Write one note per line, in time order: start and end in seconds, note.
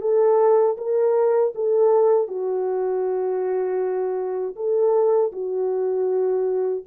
0.00 0.76 A4
0.77 1.53 A#4
1.55 2.27 A4
2.27 4.55 F#4
4.55 5.31 A4
5.32 6.84 F#4